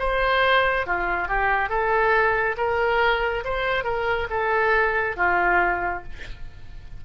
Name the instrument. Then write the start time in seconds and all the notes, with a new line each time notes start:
oboe
0.00 C5
0.87 F4
1.29 G4
1.70 A4
2.58 A#4
3.45 C5
3.85 A#4
4.30 A4
5.17 F4